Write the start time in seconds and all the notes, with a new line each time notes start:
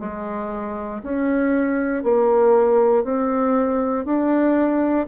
0.00 G#3
1.03 C#4
2.04 A#3
3.04 C4
4.05 D4